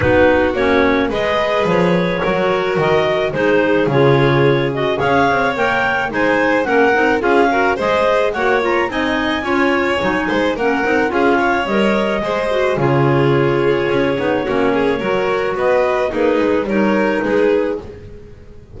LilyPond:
<<
  \new Staff \with { instrumentName = "clarinet" } { \time 4/4 \tempo 4 = 108 b'4 cis''4 dis''4 cis''4~ | cis''4 dis''4 c''4 cis''4~ | cis''8 dis''8 f''4 g''4 gis''4 | fis''4 f''4 dis''4 fis''8 ais''8 |
gis''2. fis''4 | f''4 dis''2 cis''4~ | cis''1 | dis''4 b'4 cis''4 b'4 | }
  \new Staff \with { instrumentName = "violin" } { \time 4/4 fis'2 b'2 | ais'2 gis'2~ | gis'4 cis''2 c''4 | ais'4 gis'8 ais'8 c''4 cis''4 |
dis''4 cis''4. c''8 ais'4 | gis'8 cis''4. c''4 gis'4~ | gis'2 fis'8 gis'8 ais'4 | b'4 dis'4 ais'4 gis'4 | }
  \new Staff \with { instrumentName = "clarinet" } { \time 4/4 dis'4 cis'4 gis'2 | fis'2 dis'4 f'4~ | f'8 fis'8 gis'4 ais'4 dis'4 | cis'8 dis'8 f'8 fis'8 gis'4 fis'8 f'8 |
dis'4 f'4 dis'4 cis'8 dis'8 | f'4 ais'4 gis'8 fis'8 f'4~ | f'4. dis'8 cis'4 fis'4~ | fis'4 gis'4 dis'2 | }
  \new Staff \with { instrumentName = "double bass" } { \time 4/4 b4 ais4 gis4 f4 | fis4 dis4 gis4 cis4~ | cis4 cis'8 c'8 ais4 gis4 | ais8 c'8 cis'4 gis4 ais4 |
c'4 cis'4 fis8 gis8 ais8 c'8 | cis'4 g4 gis4 cis4~ | cis4 cis'8 b8 ais4 fis4 | b4 ais8 gis8 g4 gis4 | }
>>